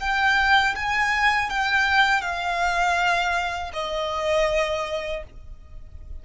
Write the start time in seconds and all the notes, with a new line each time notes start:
0.00 G5
0.76 G#5
1.50 G5
2.22 F5
3.74 D#5